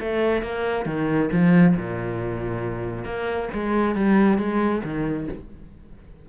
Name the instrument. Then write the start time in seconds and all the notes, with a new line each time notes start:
cello
0.00 A3
0.43 A#3
0.86 D#3
1.32 F3
1.76 A#2
3.05 A#3
3.54 G#3
3.95 G3
4.38 G#3
4.84 D#3